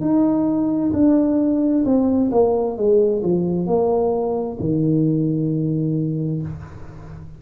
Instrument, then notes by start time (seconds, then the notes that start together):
tuba
0.00 D#4
0.93 D4
1.84 C4
2.31 A#3
2.76 G#3
3.22 F3
3.66 A#3
4.60 D#3